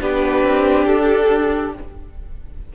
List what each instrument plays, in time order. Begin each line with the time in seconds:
0.00 cello B3, viola D4, violin G4 B4
0.43 cello C4
0.86 cello D4, violin A4